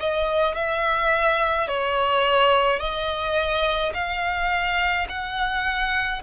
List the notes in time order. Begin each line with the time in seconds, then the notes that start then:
0.00 D#5
0.56 E5
1.68 C#5
2.80 D#5
3.95 F5
5.09 F#5